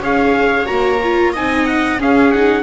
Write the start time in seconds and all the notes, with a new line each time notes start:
0.00 C#4 G#4 C#5 F5
0.66 A#3 F#4 A#5
1.03 F4
1.33 C4 D#4 D#5 G#5
1.66 F#5
1.99 C#4 G#4 F5
2.32 D#4 F#5